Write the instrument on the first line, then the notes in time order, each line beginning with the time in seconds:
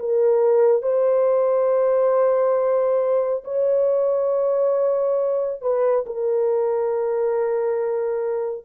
horn
0.00 A#4
0.83 C5
3.45 C#5
5.62 B4
6.07 A#4